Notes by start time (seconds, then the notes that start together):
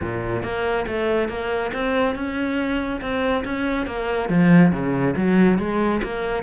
0.01 A#2
0.43 A#3
0.87 A3
1.28 A#3
1.73 C4
2.15 C#4
3.01 C4
3.44 C#4
3.86 A#3
4.29 F3
4.72 C#3
5.16 F#3
5.58 G#3
6.03 A#3